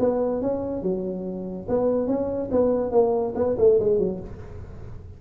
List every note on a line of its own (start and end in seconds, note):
0.00 0.42 B3
0.42 0.83 C#4
0.83 1.67 F#3
1.69 2.08 B3
2.08 2.50 C#4
2.52 2.92 B3
2.92 3.34 A#3
3.36 3.57 B3
3.58 3.80 A3
3.80 3.99 G#3
3.99 4.21 F#3